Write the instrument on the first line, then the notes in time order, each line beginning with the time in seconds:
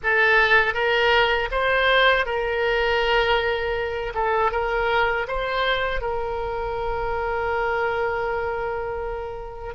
oboe
0.03 A4
0.73 A#4
1.51 C5
2.25 A#4
4.14 A4
4.51 A#4
5.27 C5
6.01 A#4